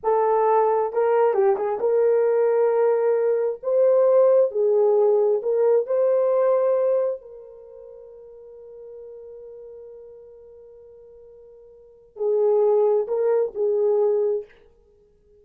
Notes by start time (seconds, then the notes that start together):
0.03 A4
0.92 A#4
1.33 G4
1.56 G#4
1.79 A#4
3.62 C5
4.51 G#4
5.42 A#4
5.86 C5
7.21 A#4
12.16 G#4
13.07 A#4
13.54 G#4